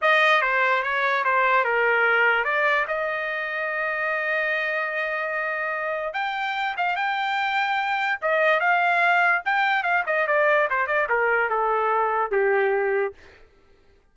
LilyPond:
\new Staff \with { instrumentName = "trumpet" } { \time 4/4 \tempo 4 = 146 dis''4 c''4 cis''4 c''4 | ais'2 d''4 dis''4~ | dis''1~ | dis''2. g''4~ |
g''8 f''8 g''2. | dis''4 f''2 g''4 | f''8 dis''8 d''4 c''8 d''8 ais'4 | a'2 g'2 | }